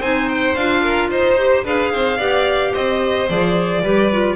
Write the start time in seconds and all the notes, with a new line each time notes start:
0.00 C4 D#4 C5 G#5
0.29 G5
0.56 D4 F4 F5
0.82 A#4
1.10 D#4 C5
1.38 G4
1.65 D4 G#4 B4 F5
1.92 C4 C5
2.17 B3 G4 D5
2.73 C4 C5 D#5
3.29 F3 G#4 D5
3.82 G3 G4 B4
4.12 F4